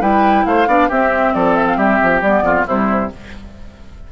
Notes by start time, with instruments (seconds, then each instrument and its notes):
0.00 bassoon G3, clarinet E4, oboe B4, flute G5
0.46 bassoon A3, oboe C5, flute F5
0.67 bassoon B3, clarinet D4, oboe D5
0.89 bassoon C4, clarinet C4, oboe G4, flute E5
1.34 bassoon F3, oboe A4, flute D5
1.55 flute E5
1.67 flute F5
1.77 bassoon G3, oboe G4, flute E5
2.03 bassoon F3
2.22 bassoon G3, clarinet B3, flute D5
2.42 bassoon F2, oboe F4
2.66 bassoon C3, clarinet G3, oboe E4, flute C5